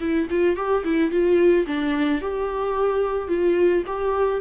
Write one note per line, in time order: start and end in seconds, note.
0.00 0.28 E4
0.30 0.56 F4
0.56 0.83 G4
0.84 1.11 E4
1.11 1.66 F4
1.66 2.21 D4
2.21 3.28 G4
3.28 3.83 F4
3.86 4.41 G4